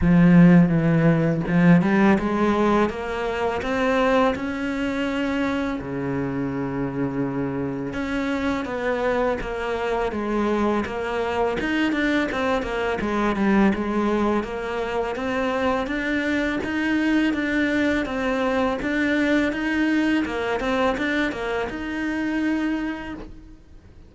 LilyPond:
\new Staff \with { instrumentName = "cello" } { \time 4/4 \tempo 4 = 83 f4 e4 f8 g8 gis4 | ais4 c'4 cis'2 | cis2. cis'4 | b4 ais4 gis4 ais4 |
dis'8 d'8 c'8 ais8 gis8 g8 gis4 | ais4 c'4 d'4 dis'4 | d'4 c'4 d'4 dis'4 | ais8 c'8 d'8 ais8 dis'2 | }